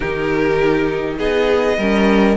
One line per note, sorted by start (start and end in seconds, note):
0.00 1.19 D#3
0.00 1.77 D#4
0.00 1.16 G4
0.00 1.17 A#4
1.18 1.77 B3
1.18 1.77 G#4
1.18 2.37 D#5
1.77 2.37 G3
1.77 2.37 C#4
1.77 2.37 A#4